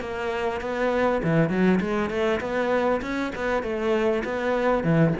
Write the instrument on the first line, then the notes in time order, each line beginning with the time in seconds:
cello
0.00 A#3
0.61 B3
1.23 E3
1.49 F#3
1.80 G#3
2.09 A3
2.40 B3
3.01 C#4
3.35 B3
3.62 A3
4.24 B3
4.83 E3